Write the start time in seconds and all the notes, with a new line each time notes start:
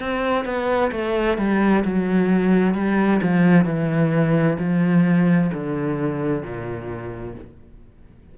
0.00 C4
0.45 B3
0.92 A3
1.38 G3
1.85 F#3
2.75 G3
3.22 F3
3.65 E3
4.59 F3
5.54 D3
6.43 A#2